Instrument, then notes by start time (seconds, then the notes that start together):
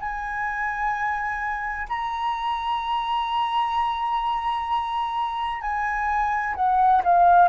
flute
0.00 G#5
1.89 A#5
5.61 G#5
6.55 F#5
7.04 F5